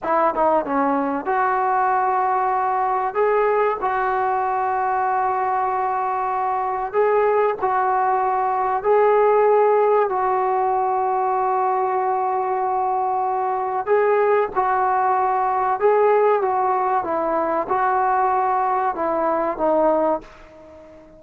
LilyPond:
\new Staff \with { instrumentName = "trombone" } { \time 4/4 \tempo 4 = 95 e'8 dis'8 cis'4 fis'2~ | fis'4 gis'4 fis'2~ | fis'2. gis'4 | fis'2 gis'2 |
fis'1~ | fis'2 gis'4 fis'4~ | fis'4 gis'4 fis'4 e'4 | fis'2 e'4 dis'4 | }